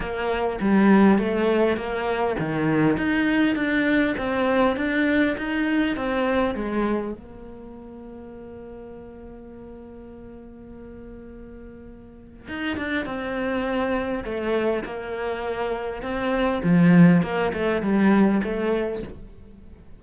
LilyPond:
\new Staff \with { instrumentName = "cello" } { \time 4/4 \tempo 4 = 101 ais4 g4 a4 ais4 | dis4 dis'4 d'4 c'4 | d'4 dis'4 c'4 gis4 | ais1~ |
ais1~ | ais4 dis'8 d'8 c'2 | a4 ais2 c'4 | f4 ais8 a8 g4 a4 | }